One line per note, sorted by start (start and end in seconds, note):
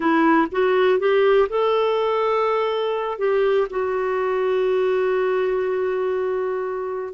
0.00 0.47 E4
0.51 0.99 F#4
0.99 1.48 G4
1.49 3.18 A4
3.18 3.67 G4
3.70 7.13 F#4